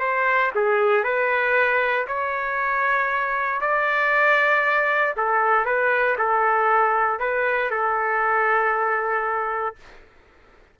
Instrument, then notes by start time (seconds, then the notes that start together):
trumpet
0.00 C5
0.55 G#4
1.04 B4
2.07 C#5
3.61 D5
5.17 A4
5.65 B4
6.18 A4
7.19 B4
7.71 A4